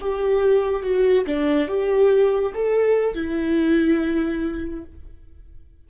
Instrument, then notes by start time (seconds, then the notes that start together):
viola
0.00 G4
0.82 F#4
1.26 D4
1.68 G4
2.54 A4
3.14 E4